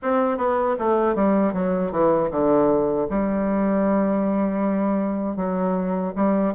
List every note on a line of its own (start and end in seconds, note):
0.02 0.37 C4
0.37 0.76 B3
0.78 1.15 A3
1.15 1.53 G3
1.53 1.91 F#3
1.91 2.30 E3
2.30 3.07 D3
3.09 5.36 G3
5.36 6.13 F#3
6.15 6.54 G3